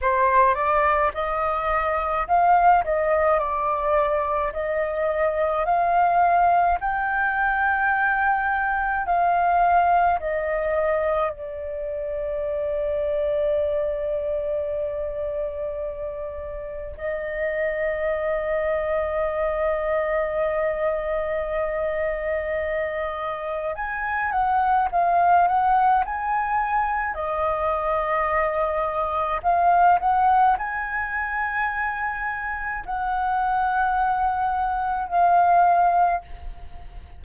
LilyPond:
\new Staff \with { instrumentName = "flute" } { \time 4/4 \tempo 4 = 53 c''8 d''8 dis''4 f''8 dis''8 d''4 | dis''4 f''4 g''2 | f''4 dis''4 d''2~ | d''2. dis''4~ |
dis''1~ | dis''4 gis''8 fis''8 f''8 fis''8 gis''4 | dis''2 f''8 fis''8 gis''4~ | gis''4 fis''2 f''4 | }